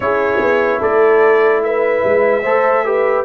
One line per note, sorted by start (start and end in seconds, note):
0.00 0.40 C#4
0.00 2.44 E4
0.00 0.80 G#4
0.00 0.81 C#5
0.40 0.81 B3
0.80 2.02 A3
0.80 1.61 A4
0.80 1.63 D5
1.63 2.43 B4
1.63 3.25 E5
2.04 2.44 G#3
2.43 3.25 A3
2.43 2.85 A4
2.43 2.83 C5
2.85 3.25 G4
2.85 3.25 B4